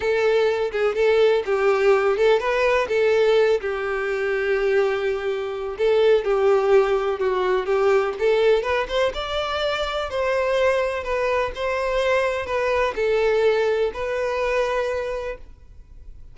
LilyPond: \new Staff \with { instrumentName = "violin" } { \time 4/4 \tempo 4 = 125 a'4. gis'8 a'4 g'4~ | g'8 a'8 b'4 a'4. g'8~ | g'1 | a'4 g'2 fis'4 |
g'4 a'4 b'8 c''8 d''4~ | d''4 c''2 b'4 | c''2 b'4 a'4~ | a'4 b'2. | }